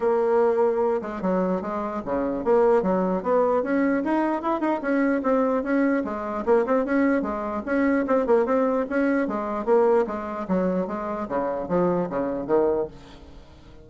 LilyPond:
\new Staff \with { instrumentName = "bassoon" } { \time 4/4 \tempo 4 = 149 ais2~ ais8 gis8 fis4 | gis4 cis4 ais4 fis4 | b4 cis'4 dis'4 e'8 dis'8 | cis'4 c'4 cis'4 gis4 |
ais8 c'8 cis'4 gis4 cis'4 | c'8 ais8 c'4 cis'4 gis4 | ais4 gis4 fis4 gis4 | cis4 f4 cis4 dis4 | }